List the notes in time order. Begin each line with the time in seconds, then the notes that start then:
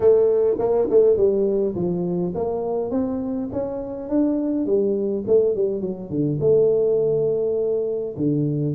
0.00 A3
0.59 A#3
0.89 A3
1.16 G3
1.75 F3
2.34 A#3
2.90 C4
3.52 C#4
4.09 D4
4.65 G3
5.27 A3
5.55 G3
5.80 F#3
6.10 D3
6.40 A3
8.16 D3